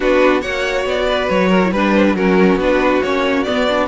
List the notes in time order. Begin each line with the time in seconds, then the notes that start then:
0.00 B3 D4 F#4 B4
0.41 A#3 F#4 C#5 F#5
0.85 B3 D5
1.08 B4
1.29 F#3 C#5
1.48 A#4
1.64 E4
1.71 G3 D4 B4
1.95 C5
2.08 B4
2.14 F#3 C#4 F#4 A#4
2.55 B3 D4 B4
3.02 A#3 C#4 C#5
3.43 B3 D5
3.68 D4